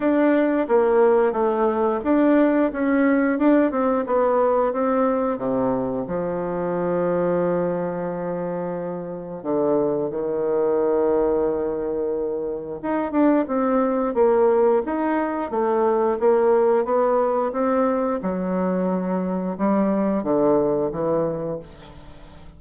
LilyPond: \new Staff \with { instrumentName = "bassoon" } { \time 4/4 \tempo 4 = 89 d'4 ais4 a4 d'4 | cis'4 d'8 c'8 b4 c'4 | c4 f2.~ | f2 d4 dis4~ |
dis2. dis'8 d'8 | c'4 ais4 dis'4 a4 | ais4 b4 c'4 fis4~ | fis4 g4 d4 e4 | }